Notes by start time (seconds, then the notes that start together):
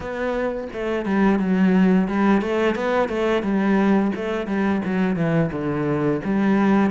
0.00 B3
0.72 A3
1.05 G3
1.39 F#3
2.08 G3
2.41 A3
2.75 B3
3.08 A3
3.42 G3
4.15 A3
4.46 G3
4.84 F#3
5.16 E3
5.52 D3
6.24 G3